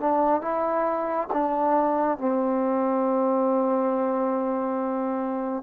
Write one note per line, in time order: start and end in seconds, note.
0.00 0.42 D4
0.42 1.28 E4
1.33 2.18 D4
2.18 5.63 C4